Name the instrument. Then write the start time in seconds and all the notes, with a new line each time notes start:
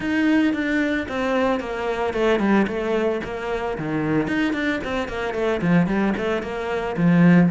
cello
0.00 D#4
0.53 D4
1.08 C4
1.59 A#3
2.13 A3
2.39 G3
2.67 A3
3.24 A#3
3.77 D#3
4.27 D#4
4.53 D4
4.84 C4
5.08 A#3
5.34 A3
5.61 F3
5.86 G3
6.17 A3
6.42 A#3
6.96 F3